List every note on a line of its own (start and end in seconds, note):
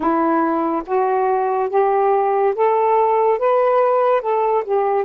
0.00 0.82 E4
0.86 1.69 F#4
1.69 2.54 G4
2.55 3.38 A4
3.38 4.21 B4
4.21 4.63 A4
4.64 5.04 G4